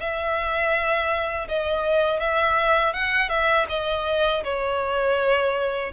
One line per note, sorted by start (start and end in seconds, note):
0.00 1.48 E5
1.48 2.20 D#5
2.20 2.94 E5
2.94 3.29 F#5
3.29 3.66 E5
3.69 4.43 D#5
4.44 5.92 C#5